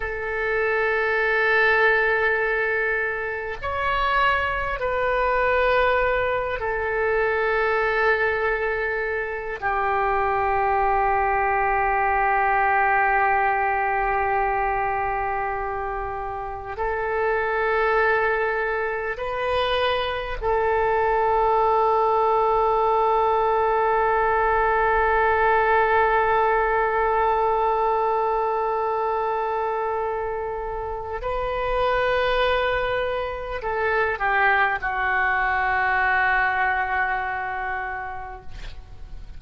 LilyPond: \new Staff \with { instrumentName = "oboe" } { \time 4/4 \tempo 4 = 50 a'2. cis''4 | b'4. a'2~ a'8 | g'1~ | g'2 a'2 |
b'4 a'2.~ | a'1~ | a'2 b'2 | a'8 g'8 fis'2. | }